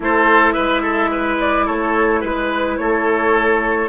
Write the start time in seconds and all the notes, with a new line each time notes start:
0.00 A3 E4 A4 C5
0.52 G#3 B4 E5
0.82 A4
1.11 B4
1.40 D5
1.66 A3 A4 C#5
2.20 G#3 B4
2.77 A3 A4 C#5